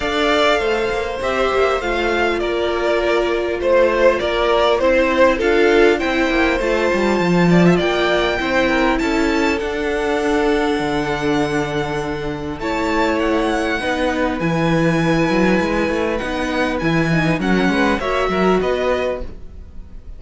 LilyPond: <<
  \new Staff \with { instrumentName = "violin" } { \time 4/4 \tempo 4 = 100 f''2 e''4 f''4 | d''2 c''4 d''4 | c''4 f''4 g''4 a''4~ | a''4 g''2 a''4 |
fis''1~ | fis''4 a''4 fis''2 | gis''2. fis''4 | gis''4 fis''4 e''4 dis''4 | }
  \new Staff \with { instrumentName = "violin" } { \time 4/4 d''4 c''2. | ais'2 c''4 ais'4 | c''4 a'4 c''2~ | c''8 d''16 e''16 d''4 c''8 ais'8 a'4~ |
a'1~ | a'4 cis''2 b'4~ | b'1~ | b'4 ais'8 b'8 cis''8 ais'8 b'4 | }
  \new Staff \with { instrumentName = "viola" } { \time 4/4 a'2 g'4 f'4~ | f'1 | e'4 f'4 e'4 f'4~ | f'2 e'2 |
d'1~ | d'4 e'2 dis'4 | e'2. dis'4 | e'8 dis'8 cis'4 fis'2 | }
  \new Staff \with { instrumentName = "cello" } { \time 4/4 d'4 a8 ais8 c'8 ais8 a4 | ais2 a4 ais4 | c'4 d'4 c'8 ais8 a8 g8 | f4 ais4 c'4 cis'4 |
d'2 d2~ | d4 a2 b4 | e4. fis8 gis8 a8 b4 | e4 fis8 gis8 ais8 fis8 b4 | }
>>